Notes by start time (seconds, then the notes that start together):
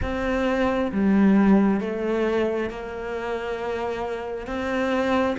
0.02 C4
0.92 G3
1.80 A3
2.70 A#3
4.47 C4